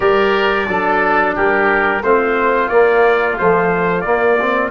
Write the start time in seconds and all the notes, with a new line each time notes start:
0.00 G3 G4 A#4 D5
0.67 F#3 D4 A4
1.35 G3 G4 A#4
2.02 A3 C4 F4 C5
2.68 A#3 D5
3.37 F3 A3 C5
4.01 A#3 D5
4.40 C4